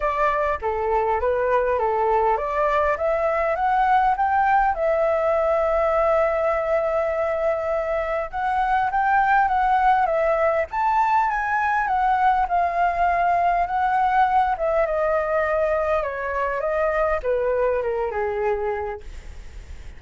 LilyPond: \new Staff \with { instrumentName = "flute" } { \time 4/4 \tempo 4 = 101 d''4 a'4 b'4 a'4 | d''4 e''4 fis''4 g''4 | e''1~ | e''2 fis''4 g''4 |
fis''4 e''4 a''4 gis''4 | fis''4 f''2 fis''4~ | fis''8 e''8 dis''2 cis''4 | dis''4 b'4 ais'8 gis'4. | }